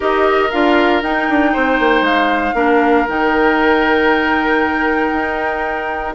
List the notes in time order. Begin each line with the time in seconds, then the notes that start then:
0.00 D#4 G4 A#4 D#5
0.50 D4 F4 F5
1.02 D#4 G5
1.29 D4
1.53 C4 C5
1.79 A#3
2.01 G#3 F5
2.54 A#3 D4 A#4
3.08 D#3 D#4 G5
5.12 D#4